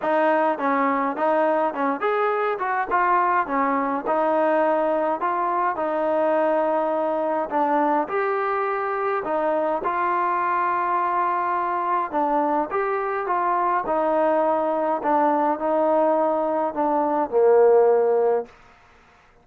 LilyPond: \new Staff \with { instrumentName = "trombone" } { \time 4/4 \tempo 4 = 104 dis'4 cis'4 dis'4 cis'8 gis'8~ | gis'8 fis'8 f'4 cis'4 dis'4~ | dis'4 f'4 dis'2~ | dis'4 d'4 g'2 |
dis'4 f'2.~ | f'4 d'4 g'4 f'4 | dis'2 d'4 dis'4~ | dis'4 d'4 ais2 | }